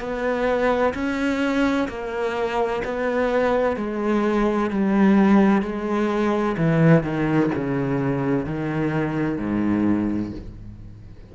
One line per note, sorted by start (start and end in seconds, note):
0.00 0.94 B3
0.94 1.88 C#4
1.89 2.83 A#3
2.85 3.77 B3
3.77 4.70 G#3
4.70 5.62 G3
5.62 6.56 G#3
6.57 7.03 E3
7.03 7.50 D#3
7.55 8.45 C#3
8.45 9.38 D#3
9.38 10.32 G#2